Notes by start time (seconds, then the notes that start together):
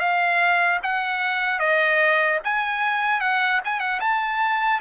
0.00 F5
0.83 F#5
1.60 D#5
2.44 G#5
3.21 F#5
3.65 G#5
3.80 F#5
4.00 A5